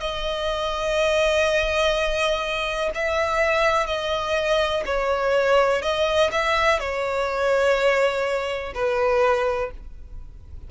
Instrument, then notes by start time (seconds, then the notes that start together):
violin
0.00 D#5
2.94 E5
3.86 D#5
4.85 C#5
5.82 D#5
6.31 E5
6.79 C#5
8.74 B4